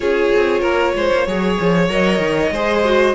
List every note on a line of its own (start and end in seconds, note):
0.00 0.32 C#4
0.00 1.26 F4
0.00 0.61 G#4
0.00 1.87 C#5
0.34 0.62 C4
0.61 0.94 A#3
0.61 0.92 A#4
0.94 1.10 G#3
0.94 1.27 C5
1.13 1.26 A#3
1.26 1.58 F#3
1.26 1.88 G#4
1.26 2.52 C#5
1.59 1.89 F3
1.88 2.18 F#3
1.88 2.51 A#4
1.88 3.14 D#5
2.18 2.50 D#3
2.50 3.13 G#3
2.50 2.84 G#4
2.50 3.14 C5
2.84 3.14 F#4